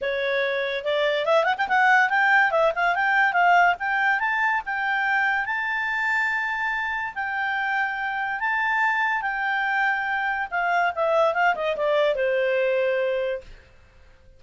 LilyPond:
\new Staff \with { instrumentName = "clarinet" } { \time 4/4 \tempo 4 = 143 cis''2 d''4 e''8 fis''16 g''16 | fis''4 g''4 e''8 f''8 g''4 | f''4 g''4 a''4 g''4~ | g''4 a''2.~ |
a''4 g''2. | a''2 g''2~ | g''4 f''4 e''4 f''8 dis''8 | d''4 c''2. | }